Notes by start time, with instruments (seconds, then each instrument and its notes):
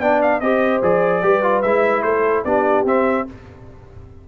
0.00 tuba B3, trombone D4, horn D5, trumpet G5
0.22 trumpet F5
0.40 tuba C4, trombone G4, horn C5, trumpet D#5
0.82 tuba F3, trombone G#4, trumpet D5
1.22 tuba G3, trombone G4, horn B4
1.43 trombone F4
1.62 tuba G#3, trombone E4, trumpet E5
2.02 tuba A3, horn A4, trumpet C5
2.44 tuba B3, trombone D4, horn G4, trumpet D5
2.85 tuba C4, trombone C4, trumpet E5